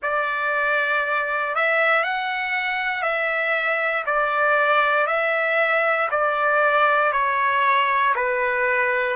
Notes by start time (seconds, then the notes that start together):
0.02 D5
1.55 E5
2.03 F#5
3.02 E5
4.06 D5
5.07 E5
6.10 D5
7.12 C#5
8.14 B4